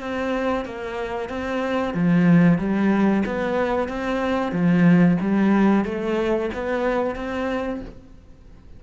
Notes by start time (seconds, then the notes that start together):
0.00 C4
0.65 A#3
1.29 C4
1.94 F3
2.58 G3
3.26 B3
3.88 C4
4.52 F3
5.21 G3
5.85 A3
6.54 B3
7.16 C4